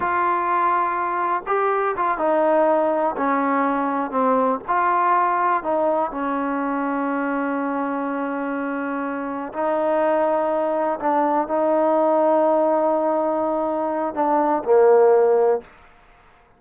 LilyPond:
\new Staff \with { instrumentName = "trombone" } { \time 4/4 \tempo 4 = 123 f'2. g'4 | f'8 dis'2 cis'4.~ | cis'8 c'4 f'2 dis'8~ | dis'8 cis'2.~ cis'8~ |
cis'2.~ cis'8 dis'8~ | dis'2~ dis'8 d'4 dis'8~ | dis'1~ | dis'4 d'4 ais2 | }